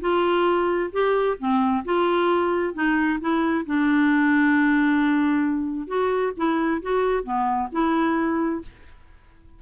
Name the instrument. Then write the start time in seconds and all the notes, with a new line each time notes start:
clarinet
0.00 F4
0.92 G4
1.39 C4
1.85 F4
2.74 D#4
3.20 E4
3.66 D4
5.87 F#4
6.36 E4
6.82 F#4
7.23 B3
7.72 E4